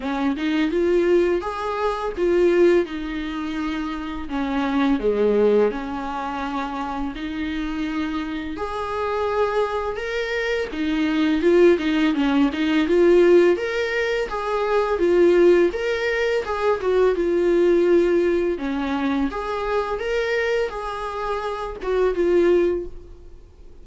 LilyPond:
\new Staff \with { instrumentName = "viola" } { \time 4/4 \tempo 4 = 84 cis'8 dis'8 f'4 gis'4 f'4 | dis'2 cis'4 gis4 | cis'2 dis'2 | gis'2 ais'4 dis'4 |
f'8 dis'8 cis'8 dis'8 f'4 ais'4 | gis'4 f'4 ais'4 gis'8 fis'8 | f'2 cis'4 gis'4 | ais'4 gis'4. fis'8 f'4 | }